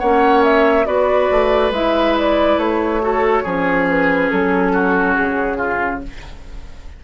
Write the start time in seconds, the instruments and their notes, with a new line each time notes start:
0.00 bassoon A#3, clarinet C#4, oboe C#5, flute F#5
0.44 flute E5
0.86 bassoon B3, clarinet F#4, oboe B4, flute D5
1.32 bassoon A3
1.71 bassoon G#3, clarinet E4, flute E5
2.19 flute D5
2.58 bassoon A3, flute C#5
3.01 clarinet F#4, oboe A4
3.44 bassoon F3, clarinet C#4, oboe G#4
3.90 flute B4
4.31 bassoon F#3, flute A4
4.73 oboe F#4
5.14 bassoon C#3, flute G#4
5.58 oboe F4